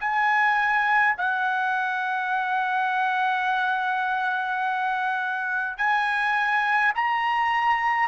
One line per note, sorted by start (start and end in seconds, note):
0.00 1.15 G#5
1.17 5.77 F#5
5.77 6.93 G#5
6.95 8.08 A#5